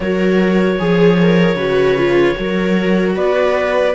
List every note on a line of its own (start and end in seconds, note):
0.00 0.79 F#3
0.00 0.78 F#4
0.00 0.79 A#4
0.00 3.12 C#5
0.78 1.55 F3
0.78 1.57 G#4
0.78 1.18 G#4
1.21 1.57 A#4
1.55 2.34 C#3
1.55 1.97 F#4
1.55 2.36 B4
1.97 2.34 F4
2.34 3.16 F#3
2.34 3.92 F#4
2.34 3.15 A#4
3.15 3.94 B3
3.15 3.94 B4
3.15 3.94 D5